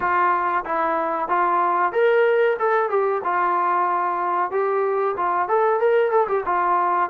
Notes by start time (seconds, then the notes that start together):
0.00 F4
0.65 E4
1.28 F4
1.92 A#4
2.59 A4
2.89 G4
3.24 F4
4.51 G4
5.16 F4
5.48 A4
5.79 A#4
6.11 A4
6.28 G4
6.45 F4